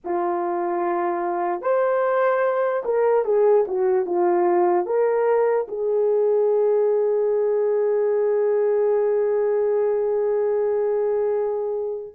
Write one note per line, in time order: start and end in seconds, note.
0.04 1.61 F4
1.61 2.83 C5
2.84 3.24 A#4
3.24 3.65 G#4
3.67 4.05 F#4
4.05 4.85 F4
4.85 5.66 A#4
5.68 12.14 G#4